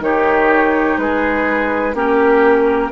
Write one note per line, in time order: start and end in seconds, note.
0.00 0.97 D#3
0.00 1.95 D#4
0.00 1.01 G4
0.00 0.99 C#5
0.98 1.95 G#3
0.98 1.96 G#4
0.98 1.95 B4
1.95 2.91 A#3
1.95 2.92 C#4
1.95 2.92 G4
1.95 2.92 A#4